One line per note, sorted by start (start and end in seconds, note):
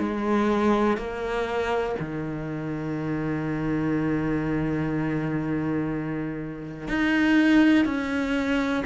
0.00 0.98 G#3
0.98 1.96 A#3
2.00 6.89 D#3
6.89 7.86 D#4
7.86 8.84 C#4